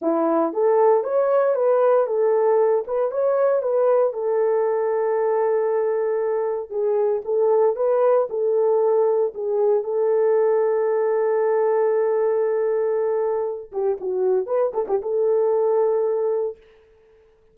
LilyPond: \new Staff \with { instrumentName = "horn" } { \time 4/4 \tempo 4 = 116 e'4 a'4 cis''4 b'4 | a'4. b'8 cis''4 b'4 | a'1~ | a'4 gis'4 a'4 b'4 |
a'2 gis'4 a'4~ | a'1~ | a'2~ a'8 g'8 fis'4 | b'8 a'16 g'16 a'2. | }